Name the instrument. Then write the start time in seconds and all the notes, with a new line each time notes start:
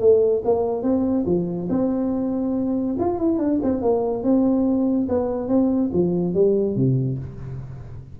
tuba
0.00 A3
0.45 A#3
0.83 C4
1.26 F3
1.69 C4
2.99 F4
3.19 E4
3.39 D4
3.63 C4
3.82 A#3
4.23 C4
5.09 B3
5.48 C4
5.93 F3
6.34 G3
6.76 C3